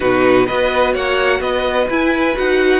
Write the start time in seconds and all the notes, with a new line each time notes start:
0.00 B2 D#4 F#4 B4
0.46 B3 F#4 B4 D#5
0.93 A#3 C#5 F#5
1.40 B3 B4 D#5
1.89 E4 G#5
2.35 D#4 F#4 F#5